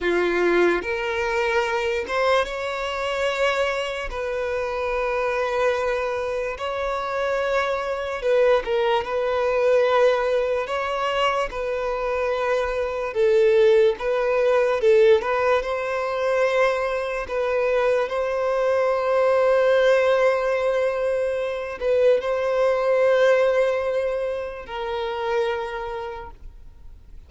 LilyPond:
\new Staff \with { instrumentName = "violin" } { \time 4/4 \tempo 4 = 73 f'4 ais'4. c''8 cis''4~ | cis''4 b'2. | cis''2 b'8 ais'8 b'4~ | b'4 cis''4 b'2 |
a'4 b'4 a'8 b'8 c''4~ | c''4 b'4 c''2~ | c''2~ c''8 b'8 c''4~ | c''2 ais'2 | }